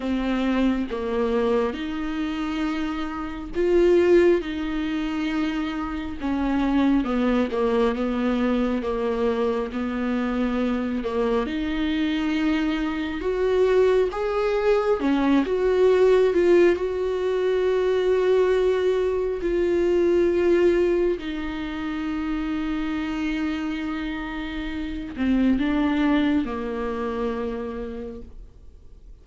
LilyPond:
\new Staff \with { instrumentName = "viola" } { \time 4/4 \tempo 4 = 68 c'4 ais4 dis'2 | f'4 dis'2 cis'4 | b8 ais8 b4 ais4 b4~ | b8 ais8 dis'2 fis'4 |
gis'4 cis'8 fis'4 f'8 fis'4~ | fis'2 f'2 | dis'1~ | dis'8 c'8 d'4 ais2 | }